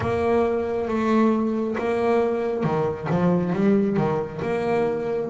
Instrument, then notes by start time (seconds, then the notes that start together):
double bass
0.00 A#3
0.88 A3
1.78 A#3
2.63 D#3
3.10 F3
3.53 G3
3.96 D#3
4.42 A#3